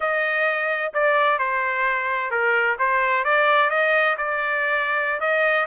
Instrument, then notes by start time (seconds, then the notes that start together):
trumpet
0.00 D#5
0.93 D5
1.38 C5
2.30 A#4
2.79 C5
3.24 D5
3.70 D#5
4.17 D5
5.20 D#5